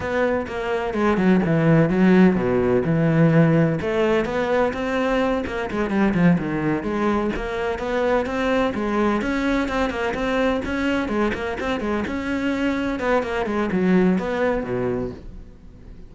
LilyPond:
\new Staff \with { instrumentName = "cello" } { \time 4/4 \tempo 4 = 127 b4 ais4 gis8 fis8 e4 | fis4 b,4 e2 | a4 b4 c'4. ais8 | gis8 g8 f8 dis4 gis4 ais8~ |
ais8 b4 c'4 gis4 cis'8~ | cis'8 c'8 ais8 c'4 cis'4 gis8 | ais8 c'8 gis8 cis'2 b8 | ais8 gis8 fis4 b4 b,4 | }